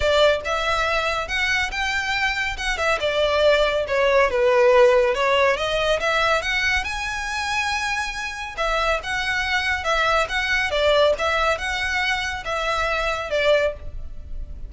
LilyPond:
\new Staff \with { instrumentName = "violin" } { \time 4/4 \tempo 4 = 140 d''4 e''2 fis''4 | g''2 fis''8 e''8 d''4~ | d''4 cis''4 b'2 | cis''4 dis''4 e''4 fis''4 |
gis''1 | e''4 fis''2 e''4 | fis''4 d''4 e''4 fis''4~ | fis''4 e''2 d''4 | }